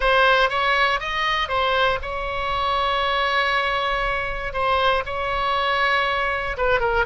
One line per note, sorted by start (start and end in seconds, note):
0.00 0.49 C5
0.49 0.99 C#5
0.99 1.48 D#5
1.48 1.98 C5
2.01 4.53 C#5
4.53 5.03 C5
5.05 6.56 C#5
6.57 6.80 B4
6.80 7.05 A#4